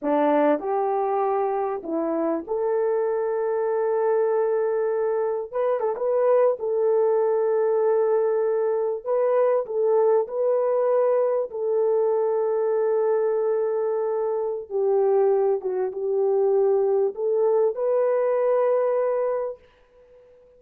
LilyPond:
\new Staff \with { instrumentName = "horn" } { \time 4/4 \tempo 4 = 98 d'4 g'2 e'4 | a'1~ | a'4 b'8 a'16 b'4 a'4~ a'16~ | a'2~ a'8. b'4 a'16~ |
a'8. b'2 a'4~ a'16~ | a'1 | g'4. fis'8 g'2 | a'4 b'2. | }